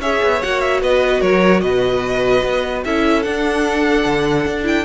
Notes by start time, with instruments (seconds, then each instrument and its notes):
0.00 cello C#4, viola G#4, violin C#5 E5
0.23 cello B3
0.42 cello A#3, viola F#4, violin F#5
0.61 violin E5
0.82 cello B3, violin B4 D#5
1.21 cello F#3, violin A#4 C#5
1.61 cello B2, violin B4 D#5
2.44 cello B3
2.85 cello C#4, viola E4, violin A4 E5
3.23 viola D4, cello D4, violin F#5
4.06 cello D3
4.46 cello D4
4.64 viola E4, violin G5